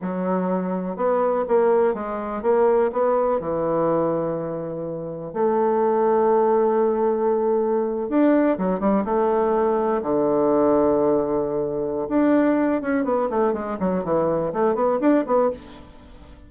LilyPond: \new Staff \with { instrumentName = "bassoon" } { \time 4/4 \tempo 4 = 124 fis2 b4 ais4 | gis4 ais4 b4 e4~ | e2. a4~ | a1~ |
a8. d'4 fis8 g8 a4~ a16~ | a8. d2.~ d16~ | d4 d'4. cis'8 b8 a8 | gis8 fis8 e4 a8 b8 d'8 b8 | }